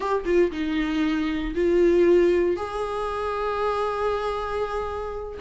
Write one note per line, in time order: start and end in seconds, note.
0.00 0.24 G4
0.25 0.51 F4
0.51 1.54 D#4
1.54 2.56 F4
2.56 5.38 G#4